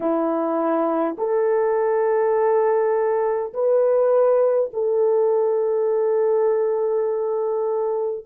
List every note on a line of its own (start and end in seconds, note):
0.00 1.16 E4
1.18 3.53 A4
3.53 4.71 B4
4.73 8.25 A4